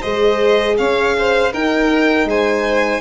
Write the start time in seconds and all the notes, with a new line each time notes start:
0.00 G#3 G#4 C5 D#5
0.77 C#4 C#5 F5
1.18 C5
1.52 D#4 A#4 G5
2.25 G#3 C5 G#5